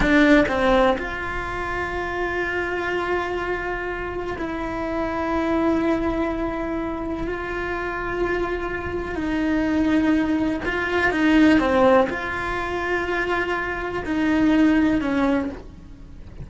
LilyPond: \new Staff \with { instrumentName = "cello" } { \time 4/4 \tempo 4 = 124 d'4 c'4 f'2~ | f'1~ | f'4 e'2.~ | e'2. f'4~ |
f'2. dis'4~ | dis'2 f'4 dis'4 | c'4 f'2.~ | f'4 dis'2 cis'4 | }